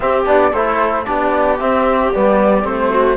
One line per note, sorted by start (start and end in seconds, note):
0.00 0.25 C4
0.00 0.52 G4
0.00 0.22 E5
0.25 0.52 B3
0.25 0.52 D4
0.25 0.53 D5
0.52 1.06 A3
0.52 1.05 E4
0.52 1.05 A4
0.52 1.04 C5
1.04 1.61 B3
1.04 1.58 D4
1.04 2.90 G4
1.04 1.57 D5
1.59 2.13 C4
1.59 2.14 C4
1.59 2.12 E5
2.12 2.64 G3
2.12 2.62 B3
2.12 2.65 D5
2.62 3.16 A3
2.62 3.15 C4
2.62 3.16 C5
2.90 3.16 F#4